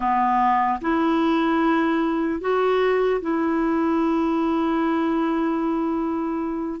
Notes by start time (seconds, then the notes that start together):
0.00 B3
0.81 E4
2.40 F#4
3.21 E4